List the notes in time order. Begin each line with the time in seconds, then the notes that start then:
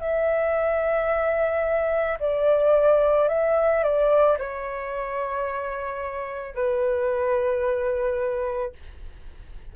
0.00 E5
2.20 D5
3.28 E5
3.83 D5
4.38 C#5
6.55 B4